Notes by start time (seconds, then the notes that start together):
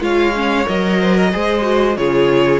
0.00 G#3 F4 C#5 F5
0.35 C#4
0.65 F#3 A#4 D#5
1.00 C5
1.15 A#4
1.31 G#3 G#4 C5
1.62 F#4
1.97 C#3 F4 G#4 C#5